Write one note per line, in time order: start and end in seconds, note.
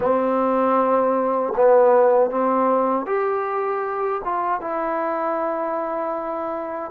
0.00 1.53 C4
1.56 2.30 B3
2.30 3.06 C4
3.06 4.21 G4
4.24 4.60 F4
4.60 6.91 E4